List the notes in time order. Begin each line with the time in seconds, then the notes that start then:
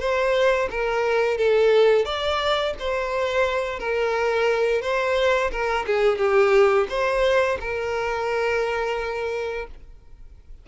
0.00 C5
0.71 A#4
1.38 A4
2.05 D5
2.80 C5
3.80 A#4
4.82 C5
5.51 A#4
5.87 G#4
6.18 G4
6.89 C5
7.61 A#4